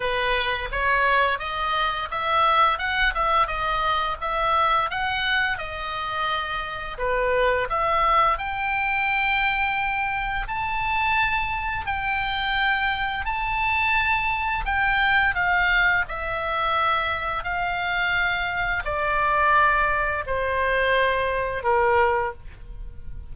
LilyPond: \new Staff \with { instrumentName = "oboe" } { \time 4/4 \tempo 4 = 86 b'4 cis''4 dis''4 e''4 | fis''8 e''8 dis''4 e''4 fis''4 | dis''2 b'4 e''4 | g''2. a''4~ |
a''4 g''2 a''4~ | a''4 g''4 f''4 e''4~ | e''4 f''2 d''4~ | d''4 c''2 ais'4 | }